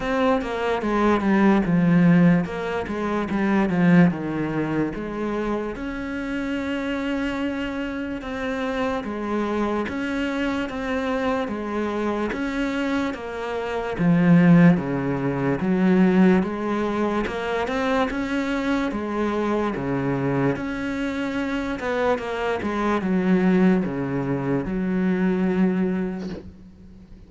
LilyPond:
\new Staff \with { instrumentName = "cello" } { \time 4/4 \tempo 4 = 73 c'8 ais8 gis8 g8 f4 ais8 gis8 | g8 f8 dis4 gis4 cis'4~ | cis'2 c'4 gis4 | cis'4 c'4 gis4 cis'4 |
ais4 f4 cis4 fis4 | gis4 ais8 c'8 cis'4 gis4 | cis4 cis'4. b8 ais8 gis8 | fis4 cis4 fis2 | }